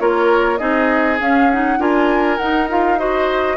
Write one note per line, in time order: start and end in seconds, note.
0.00 0.61 A#3
0.00 0.59 F4
0.00 0.59 A#4
0.00 0.58 C#5
0.58 1.21 C4
0.58 1.19 D#4
0.58 1.79 G#4
0.58 1.18 D#5
1.21 1.79 C#4
1.21 1.52 C#4
1.21 1.52 F5
1.52 1.79 D#4
1.52 1.81 F#5
1.79 2.39 D4
1.79 2.39 F4
1.79 3.00 A#4
1.79 2.38 G#5
2.38 3.58 D#4
2.38 2.70 D#4
2.38 2.68 F#5
2.70 2.98 F4
2.70 3.00 F5
2.98 3.58 F#4
2.98 3.58 C5
2.98 3.58 D#5